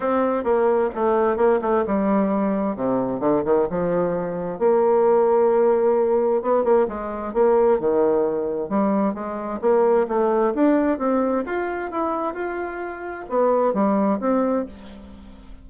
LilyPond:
\new Staff \with { instrumentName = "bassoon" } { \time 4/4 \tempo 4 = 131 c'4 ais4 a4 ais8 a8 | g2 c4 d8 dis8 | f2 ais2~ | ais2 b8 ais8 gis4 |
ais4 dis2 g4 | gis4 ais4 a4 d'4 | c'4 f'4 e'4 f'4~ | f'4 b4 g4 c'4 | }